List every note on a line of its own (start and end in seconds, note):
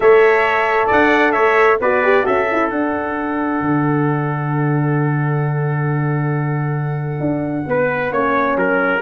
0.00 0.89 A3
0.00 1.80 A4
0.00 0.86 C#5
0.00 0.89 E5
0.86 1.35 D4
0.86 1.32 D5
0.86 1.32 F#5
1.32 1.80 A3
1.32 1.78 C#5
1.32 1.77 E5
1.80 2.25 B3
1.80 2.04 F#4
1.80 2.24 B4
1.80 2.26 D5
2.04 2.23 G4
2.23 2.71 C#4
2.23 2.46 F#4
2.23 7.66 A4
2.23 2.69 E5
2.51 2.71 E4
2.69 3.61 D4
2.69 8.11 D4
2.69 9.01 F#5
3.61 7.20 D3
7.20 7.65 D4
7.66 8.11 B3
7.66 8.12 B4
8.11 8.56 A#3
8.11 9.01 C#4
8.11 8.57 C#5
8.56 9.01 F#3
8.56 9.02 A#4